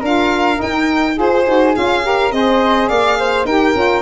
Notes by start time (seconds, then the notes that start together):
0.00 D4 F4 A#4 F5
0.55 D#4 G5
0.62 D#4
1.16 F4 G#4 C5
1.46 D#4 F#4
1.74 C#4 F4 F5
2.02 G4 A#4
2.32 C4 G#4 C5 D#5
2.88 A#3 D5 F5
3.19 C5
3.45 D#4 G4 A#4 G5
3.74 C#4 F4